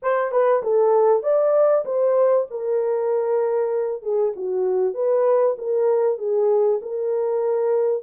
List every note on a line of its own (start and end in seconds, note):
0.02 0.31 C5
0.31 0.62 B4
0.62 1.22 A4
1.22 1.84 D5
1.85 2.47 C5
2.50 4.02 A#4
4.02 4.33 G#4
4.36 4.94 F#4
4.94 5.56 B4
5.58 6.18 A#4
6.18 6.80 G#4
6.82 8.03 A#4